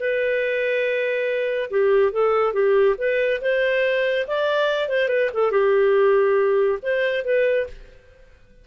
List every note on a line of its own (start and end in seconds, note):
0.00 1.70 B4
1.71 2.12 G4
2.12 2.53 A4
2.53 2.96 G4
2.98 3.41 B4
3.41 4.26 C5
4.27 4.89 D5
4.89 5.09 C5
5.09 5.30 B4
5.34 5.51 A4
5.51 6.79 G4
6.83 7.25 C5
7.25 7.67 B4